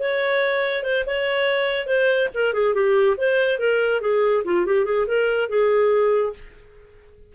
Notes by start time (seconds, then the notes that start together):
0.00 C#5
0.84 C5
1.07 C#5
1.87 C5
2.35 A#4
2.54 G#4
2.75 G4
3.18 C5
3.59 A#4
4.02 G#4
4.45 F4
4.66 G4
4.86 G#4
5.07 A#4
5.49 G#4